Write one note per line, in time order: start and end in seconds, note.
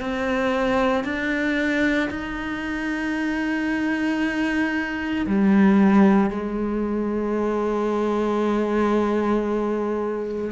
0.00 1.04 C4
1.04 2.10 D4
2.10 5.26 D#4
5.26 6.30 G3
6.30 10.51 G#3